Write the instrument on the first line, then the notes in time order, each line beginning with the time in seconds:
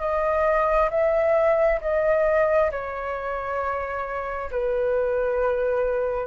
flute
0.00 D#5
0.90 E5
1.81 D#5
2.72 C#5
4.51 B4